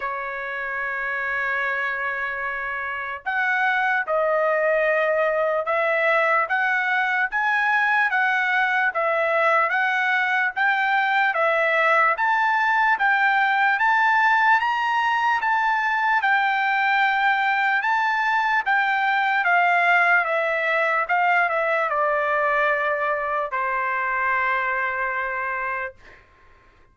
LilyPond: \new Staff \with { instrumentName = "trumpet" } { \time 4/4 \tempo 4 = 74 cis''1 | fis''4 dis''2 e''4 | fis''4 gis''4 fis''4 e''4 | fis''4 g''4 e''4 a''4 |
g''4 a''4 ais''4 a''4 | g''2 a''4 g''4 | f''4 e''4 f''8 e''8 d''4~ | d''4 c''2. | }